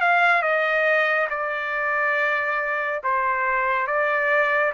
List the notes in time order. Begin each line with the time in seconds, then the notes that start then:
0.00 F5
0.42 D#5
1.29 D5
3.03 C5
3.86 D5